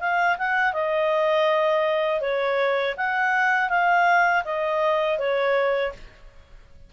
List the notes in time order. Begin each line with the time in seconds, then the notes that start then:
0.00 F5
0.38 F#5
0.73 D#5
2.21 C#5
2.97 F#5
3.70 F5
4.45 D#5
5.19 C#5